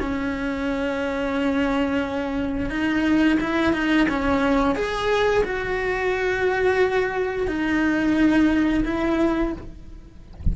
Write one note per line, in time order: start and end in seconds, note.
0.00 2.70 C#4
2.70 3.38 D#4
3.40 3.73 E4
3.73 4.07 D#4
4.09 4.75 C#4
4.75 5.44 G#4
5.44 7.47 F#4
7.47 8.84 D#4
8.85 9.53 E4